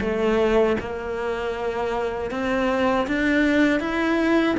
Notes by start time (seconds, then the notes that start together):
0.00 A3
0.80 A#3
2.31 C4
3.07 D4
3.80 E4